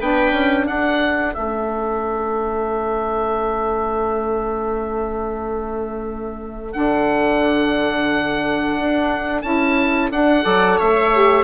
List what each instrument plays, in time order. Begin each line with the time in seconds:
0.00 bassoon B3, saxophone D4, viola B4, oboe G5
0.33 bassoon C#4
0.66 bassoon D4, viola A4, oboe F#5
1.35 bassoon A3, saxophone C#4, oboe E5
6.72 bassoon D3, saxophone D4, oboe F#5
8.79 bassoon D4
9.42 bassoon C#4, saxophone E4, oboe A5
10.11 bassoon D4, saxophone D4, oboe F#5
10.42 bassoon F#3, saxophone A4, viola D5
10.77 bassoon A3, viola C#5, oboe E5
11.14 saxophone G4